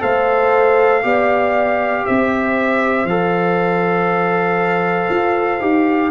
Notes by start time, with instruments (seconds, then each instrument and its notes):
0.00 tuba A3, trombone A4, horn C5, trumpet F5
1.03 tuba B3, trombone G4, horn D5
2.06 tuba C4, horn C5, trumpet E5
3.05 tuba F3, trombone A4, trumpet F5
5.10 tuba F4
5.60 tuba D#4, trombone G4